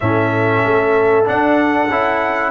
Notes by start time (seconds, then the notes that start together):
0.00 A2 C#4 A4 E5
0.65 A3
1.24 D4 F#5
1.90 C#4 E4